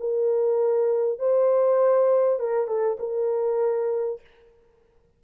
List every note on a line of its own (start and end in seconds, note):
0.00 1.19 A#4
1.19 2.39 C5
2.39 2.67 A#4
2.67 2.98 A4
3.00 4.21 A#4